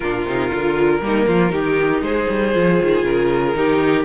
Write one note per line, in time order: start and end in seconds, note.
0.00 0.25 A#2
0.00 0.27 D4
0.00 0.99 F4
0.00 2.00 A#4
0.25 0.51 C3
0.25 0.50 D#4
0.50 1.00 D3
0.50 1.00 F4
1.00 1.26 G3
1.00 1.49 A#3
1.00 1.27 D#4
1.27 1.51 F3
1.27 1.51 F4
1.49 2.01 D#3
1.49 2.51 D#4
1.49 2.02 G4
2.01 2.26 G#3
2.01 3.56 G#4
2.01 3.04 C5
2.29 2.54 G3
2.54 2.80 F3
2.54 3.54 F4
2.82 3.03 D#3
3.03 3.54 C#3
3.03 4.04 A#4
3.54 4.04 D#3
3.54 4.04 D#4
3.54 4.04 G4